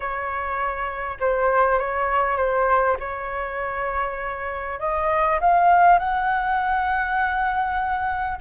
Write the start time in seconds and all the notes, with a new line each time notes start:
0.00 C#5
1.20 C5
1.78 C#5
2.36 C5
2.99 C#5
4.79 D#5
5.40 F5
5.98 F#5